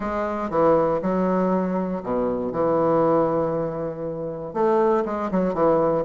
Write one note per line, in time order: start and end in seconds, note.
0.00 0.50 G#3
0.50 1.00 E3
1.02 2.02 F#3
2.03 2.52 B2
2.52 4.53 E3
4.53 5.04 A3
5.05 5.30 G#3
5.31 5.53 F#3
5.53 6.04 E3